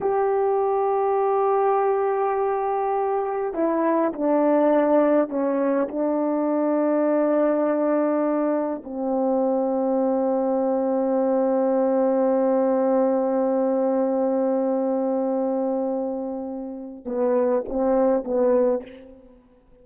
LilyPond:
\new Staff \with { instrumentName = "horn" } { \time 4/4 \tempo 4 = 102 g'1~ | g'2 e'4 d'4~ | d'4 cis'4 d'2~ | d'2. c'4~ |
c'1~ | c'1~ | c'1~ | c'4 b4 c'4 b4 | }